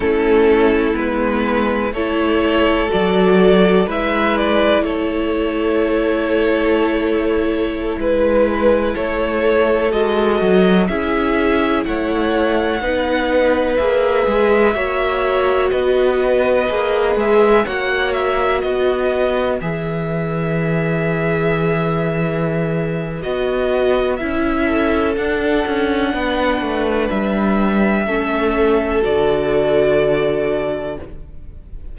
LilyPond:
<<
  \new Staff \with { instrumentName = "violin" } { \time 4/4 \tempo 4 = 62 a'4 b'4 cis''4 d''4 | e''8 d''8 cis''2.~ | cis''16 b'4 cis''4 dis''4 e''8.~ | e''16 fis''2 e''4.~ e''16~ |
e''16 dis''4. e''8 fis''8 e''8 dis''8.~ | dis''16 e''2.~ e''8. | dis''4 e''4 fis''2 | e''2 d''2 | }
  \new Staff \with { instrumentName = "violin" } { \time 4/4 e'2 a'2 | b'4 a'2.~ | a'16 b'4 a'2 gis'8.~ | gis'16 cis''4 b'2 cis''8.~ |
cis''16 b'2 cis''4 b'8.~ | b'1~ | b'4. a'4. b'4~ | b'4 a'2. | }
  \new Staff \with { instrumentName = "viola" } { \time 4/4 cis'4 b4 e'4 fis'4 | e'1~ | e'2~ e'16 fis'4 e'8.~ | e'4~ e'16 dis'4 gis'4 fis'8.~ |
fis'4~ fis'16 gis'4 fis'4.~ fis'16~ | fis'16 gis'2.~ gis'8. | fis'4 e'4 d'2~ | d'4 cis'4 fis'2 | }
  \new Staff \with { instrumentName = "cello" } { \time 4/4 a4 gis4 a4 fis4 | gis4 a2.~ | a16 gis4 a4 gis8 fis8 cis'8.~ | cis'16 a4 b4 ais8 gis8 ais8.~ |
ais16 b4 ais8 gis8 ais4 b8.~ | b16 e2.~ e8. | b4 cis'4 d'8 cis'8 b8 a8 | g4 a4 d2 | }
>>